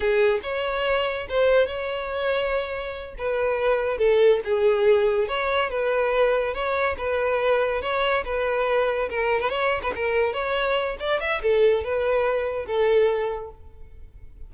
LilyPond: \new Staff \with { instrumentName = "violin" } { \time 4/4 \tempo 4 = 142 gis'4 cis''2 c''4 | cis''2.~ cis''8 b'8~ | b'4. a'4 gis'4.~ | gis'8 cis''4 b'2 cis''8~ |
cis''8 b'2 cis''4 b'8~ | b'4. ais'8. b'16 cis''8. b'16 ais'8~ | ais'8 cis''4. d''8 e''8 a'4 | b'2 a'2 | }